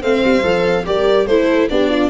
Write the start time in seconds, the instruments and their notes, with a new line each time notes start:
0.00 tuba A3, viola C4, horn C5, violin F5
0.24 tuba G3
0.42 tuba F3, viola A4
0.84 tuba G3, viola G4, horn A#4, violin D5
1.26 tuba A3, viola E4, horn A4, violin C5
1.69 tuba B3, viola D4, horn G4, violin D5
1.89 horn F4